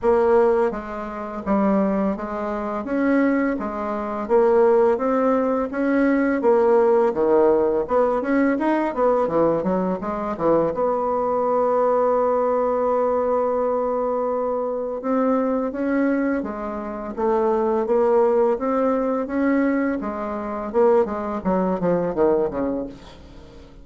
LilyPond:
\new Staff \with { instrumentName = "bassoon" } { \time 4/4 \tempo 4 = 84 ais4 gis4 g4 gis4 | cis'4 gis4 ais4 c'4 | cis'4 ais4 dis4 b8 cis'8 | dis'8 b8 e8 fis8 gis8 e8 b4~ |
b1~ | b4 c'4 cis'4 gis4 | a4 ais4 c'4 cis'4 | gis4 ais8 gis8 fis8 f8 dis8 cis8 | }